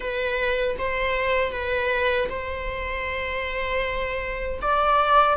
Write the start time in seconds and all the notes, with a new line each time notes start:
0.00 B4
0.78 C5
1.52 B4
2.29 C5
4.61 D5